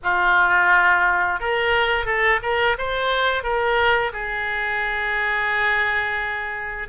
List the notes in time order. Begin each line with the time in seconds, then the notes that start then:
0.03 F4
1.39 A#4
2.05 A4
2.42 A#4
2.77 C5
3.43 A#4
4.12 G#4